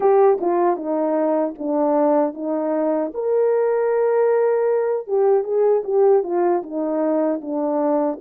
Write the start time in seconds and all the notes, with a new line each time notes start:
0.00 G4
0.40 F4
0.76 D#4
1.58 D4
2.34 D#4
3.13 A#4
5.07 G4
5.43 G#4
5.84 G4
6.23 F4
6.62 D#4
7.41 D4